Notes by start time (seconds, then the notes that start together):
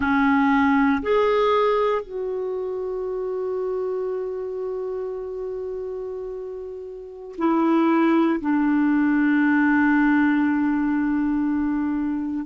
0.00 C#4
1.02 G#4
2.02 F#4
7.38 E4
8.40 D4